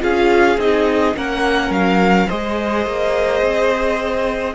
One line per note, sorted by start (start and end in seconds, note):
0.00 0.58 C#4
0.00 0.57 F4
0.00 1.16 G#4
0.00 0.60 F5
0.58 1.14 C4
0.58 1.15 D#4
0.58 1.17 D#5
1.15 1.70 A#3
1.15 2.28 C#4
1.15 2.27 A#4
1.15 1.73 F#5
1.70 2.27 F#3
1.70 2.29 F5
2.27 2.87 G#3
2.27 4.55 G#4
2.27 4.54 C5
2.27 4.55 D#5
2.87 3.42 A#3
3.42 4.55 C4